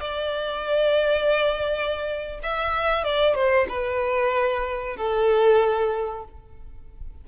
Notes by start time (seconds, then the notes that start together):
0.00 D5
2.43 E5
3.04 D5
3.35 C5
3.68 B4
4.96 A4